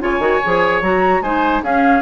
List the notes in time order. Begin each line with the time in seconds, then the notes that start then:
0.00 C#3 F4 C#5 G#5
0.19 D#3 F#4
0.44 F3 G#4
0.82 F#3 F#4 A#5
1.21 G#3 D#4 C5 G#5
1.63 C#4 G#4 F5